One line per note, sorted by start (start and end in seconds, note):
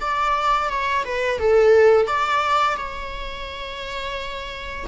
0.00 0.69 D5
0.69 1.04 C#5
1.04 1.39 B4
1.39 2.07 A4
2.07 2.77 D5
2.77 4.86 C#5